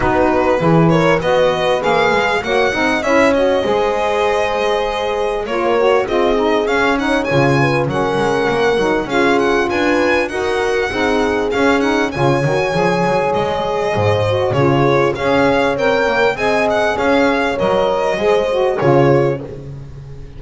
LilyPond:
<<
  \new Staff \with { instrumentName = "violin" } { \time 4/4 \tempo 4 = 99 b'4. cis''8 dis''4 f''4 | fis''4 e''8 dis''2~ dis''8~ | dis''4 cis''4 dis''4 f''8 fis''8 | gis''4 fis''2 f''8 fis''8 |
gis''4 fis''2 f''8 fis''8 | gis''2 dis''2 | cis''4 f''4 g''4 gis''8 fis''8 | f''4 dis''2 cis''4 | }
  \new Staff \with { instrumentName = "horn" } { \time 4/4 fis'4 gis'8 ais'8 b'2 | cis''8 dis''8 cis''4 c''2~ | c''4 ais'4 gis'4. cis''8~ | cis''8 b'8 ais'2 gis'4 |
b'4 ais'4 gis'2 | cis''2. c''4 | gis'4 cis''2 dis''4 | cis''2 c''4 gis'4 | }
  \new Staff \with { instrumentName = "saxophone" } { \time 4/4 dis'4 e'4 fis'4 gis'4 | fis'8 dis'8 e'8 fis'8 gis'2~ | gis'4 f'8 fis'8 f'8 dis'8 cis'8 dis'8 | f'4 cis'4. dis'8 f'4~ |
f'4 fis'4 dis'4 cis'8 dis'8 | f'8 fis'8 gis'2~ gis'8 fis'8 | f'4 gis'4 ais'4 gis'4~ | gis'4 ais'4 gis'8 fis'8 f'4 | }
  \new Staff \with { instrumentName = "double bass" } { \time 4/4 b4 e4 b4 ais8 gis8 | ais8 c'8 cis'4 gis2~ | gis4 ais4 c'4 cis'4 | cis4 fis8 gis8 ais8 fis8 cis'4 |
d'4 dis'4 c'4 cis'4 | cis8 dis8 f8 fis8 gis4 gis,4 | cis4 cis'4 c'8 ais8 c'4 | cis'4 fis4 gis4 cis4 | }
>>